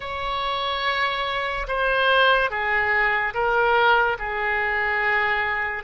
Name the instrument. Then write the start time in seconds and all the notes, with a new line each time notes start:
oboe
0.00 C#5
1.67 C5
2.50 G#4
3.33 A#4
4.19 G#4